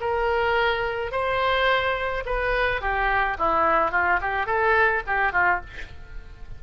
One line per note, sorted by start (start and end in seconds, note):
0.00 1.11 A#4
1.11 2.24 C5
2.25 2.81 B4
2.81 3.37 G4
3.38 3.91 E4
3.91 4.19 F4
4.21 4.46 G4
4.46 5.02 A4
5.07 5.32 G4
5.32 5.60 F4